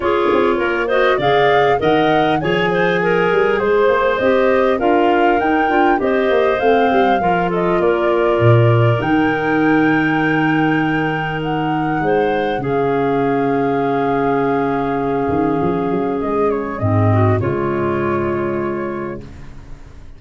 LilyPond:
<<
  \new Staff \with { instrumentName = "flute" } { \time 4/4 \tempo 4 = 100 cis''4. dis''8 f''4 fis''4 | gis''2 c''4 dis''4 | f''4 g''4 dis''4 f''4~ | f''8 dis''8 d''2 g''4~ |
g''2. fis''4~ | fis''4 f''2.~ | f''2. dis''8 cis''8 | dis''4 cis''2. | }
  \new Staff \with { instrumentName = "clarinet" } { \time 4/4 gis'4 ais'8 c''8 d''4 dis''4 | cis''8 c''8 ais'4 c''2 | ais'2 c''2 | ais'8 a'8 ais'2.~ |
ais'1 | c''4 gis'2.~ | gis'1~ | gis'8 fis'8 f'2. | }
  \new Staff \with { instrumentName = "clarinet" } { \time 4/4 f'4. fis'8 gis'4 ais'4 | gis'2. g'4 | f'4 dis'8 f'8 g'4 c'4 | f'2. dis'4~ |
dis'1~ | dis'4 cis'2.~ | cis'1 | c'4 gis2. | }
  \new Staff \with { instrumentName = "tuba" } { \time 4/4 cis'8 c'8 ais4 cis4 dis4 | f4. g8 gis8 ais8 c'4 | d'4 dis'8 d'8 c'8 ais8 a8 g8 | f4 ais4 ais,4 dis4~ |
dis1 | gis4 cis2.~ | cis4. dis8 f8 fis8 gis4 | gis,4 cis2. | }
>>